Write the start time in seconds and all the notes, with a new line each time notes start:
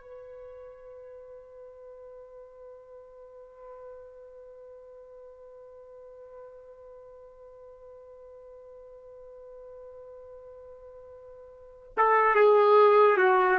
0.00 B4
11.97 A4
12.35 G#4
13.17 F#4